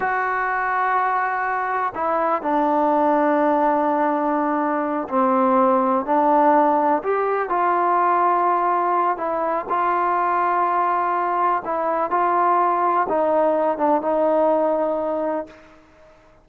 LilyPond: \new Staff \with { instrumentName = "trombone" } { \time 4/4 \tempo 4 = 124 fis'1 | e'4 d'2.~ | d'2~ d'8 c'4.~ | c'8 d'2 g'4 f'8~ |
f'2. e'4 | f'1 | e'4 f'2 dis'4~ | dis'8 d'8 dis'2. | }